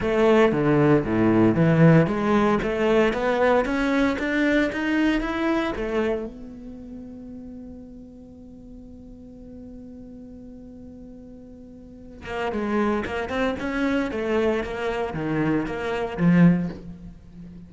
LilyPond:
\new Staff \with { instrumentName = "cello" } { \time 4/4 \tempo 4 = 115 a4 d4 a,4 e4 | gis4 a4 b4 cis'4 | d'4 dis'4 e'4 a4 | b1~ |
b1~ | b2.~ b8 ais8 | gis4 ais8 c'8 cis'4 a4 | ais4 dis4 ais4 f4 | }